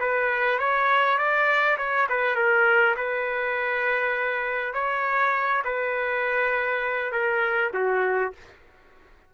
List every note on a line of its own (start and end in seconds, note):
0.00 0.59 B4
0.59 1.18 C#5
1.18 1.78 D5
1.78 2.07 C#5
2.10 2.36 B4
2.36 2.95 A#4
2.97 4.74 B4
4.74 5.63 C#5
5.65 7.12 B4
7.12 7.72 A#4
7.74 8.33 F#4